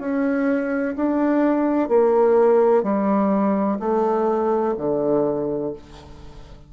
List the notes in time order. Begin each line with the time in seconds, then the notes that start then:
0.00 C#4
0.97 D4
1.89 A#3
2.83 G3
3.80 A3
4.78 D3